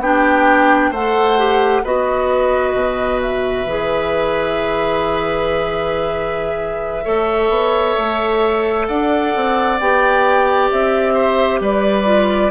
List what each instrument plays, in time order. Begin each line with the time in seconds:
0.00 bassoon B3, clarinet D4, oboe G4, flute G5
0.91 bassoon A3, clarinet A4, oboe C5, flute F#5
1.39 clarinet G4
1.84 bassoon B3, clarinet F#4, oboe B4, flute D#5
2.74 bassoon B2
3.22 flute E5
3.66 bassoon E3, clarinet G#4
7.05 bassoon A3, clarinet A4, oboe C#5
7.50 bassoon B3
7.98 bassoon A3
8.88 bassoon D4, oboe D5, flute F#5
9.36 bassoon C4
9.80 bassoon B3, clarinet G4, flute G5
10.71 bassoon C4, flute E5
11.14 oboe C5
11.61 bassoon G3, oboe B4, flute D5
12.06 clarinet F4